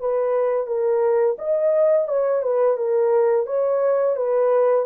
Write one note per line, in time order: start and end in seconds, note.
0.00 0.67 B4
0.67 1.36 A#4
1.38 2.08 D#5
2.08 2.42 C#5
2.42 2.77 B4
2.77 3.47 A#4
3.47 4.16 C#5
4.16 4.86 B4